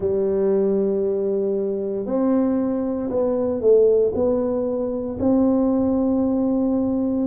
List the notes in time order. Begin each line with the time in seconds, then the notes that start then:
0.00 G3
2.05 C4
3.10 B3
3.60 A3
4.14 B3
5.20 C4